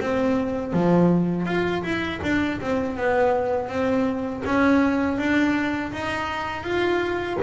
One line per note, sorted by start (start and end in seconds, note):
0.00 0.72 C4
0.72 1.45 F3
1.45 1.82 F4
1.83 2.20 E4
2.23 2.60 D4
2.61 2.97 C4
2.97 3.68 B3
3.68 4.42 C4
4.45 5.18 C#4
5.18 5.92 D4
5.92 6.63 D#4
6.63 7.37 F4